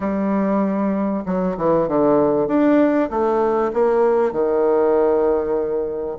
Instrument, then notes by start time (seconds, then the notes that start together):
bassoon
0.00 G3
1.25 F#3
1.57 E3
1.88 D3
2.47 D4
3.10 A3
3.73 A#3
4.32 D#3